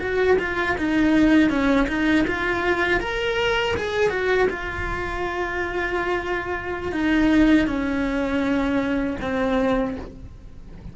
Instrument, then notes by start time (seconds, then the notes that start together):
cello
0.00 F#4
0.39 F4
0.78 D#4
1.50 C#4
1.88 D#4
2.28 F4
3.01 A#4
3.77 G#4
4.10 F#4
4.50 F4
6.93 D#4
7.67 C#4
9.22 C4